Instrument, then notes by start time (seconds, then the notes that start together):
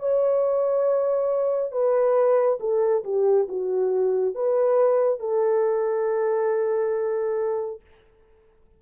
horn
0.00 C#5
1.72 B4
2.60 A4
3.04 G4
3.49 F#4
4.35 B4
5.20 A4